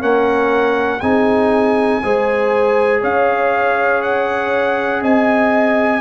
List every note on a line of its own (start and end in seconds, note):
0.00 1.02 A#3
0.00 1.00 C#4
0.00 1.01 A#4
0.00 1.01 F#5
1.01 2.03 C4
1.01 2.03 D#4
1.01 2.01 G#4
1.01 3.01 G#5
2.04 3.04 G#3
2.04 6.01 G#4
2.04 3.02 C5
3.02 5.02 C#4
3.02 5.02 C#5
3.02 4.03 F5
4.03 5.03 F#5
5.02 6.01 C4
5.02 6.01 D#5
5.02 6.01 G#5